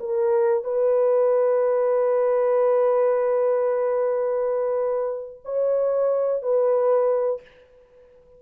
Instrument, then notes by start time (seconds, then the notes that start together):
horn
0.00 A#4
0.64 B4
5.45 C#5
6.43 B4